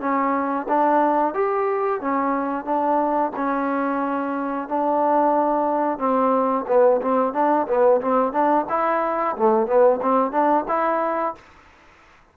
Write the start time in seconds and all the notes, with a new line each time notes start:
0.00 C#4
0.68 D4
1.34 G4
2.01 C#4
2.65 D4
3.36 C#4
4.69 D4
5.99 C4
6.68 B3
7.02 C4
7.34 D4
7.68 B3
8.01 C4
8.32 D4
8.69 E4
9.37 A3
9.67 B3
10.02 C4
10.32 D4
10.68 E4